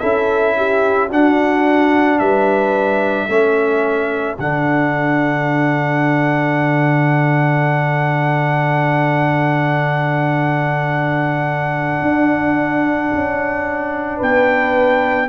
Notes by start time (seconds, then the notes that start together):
0.00 C#4 E4 A4 E5
0.57 G4
1.09 D4 F#4 F#5
2.19 G3 B4 E5
3.28 A3 C#4 A4
4.39 D3 D4 F#5
12.02 D4
13.12 C#4
14.17 B3 B4 G5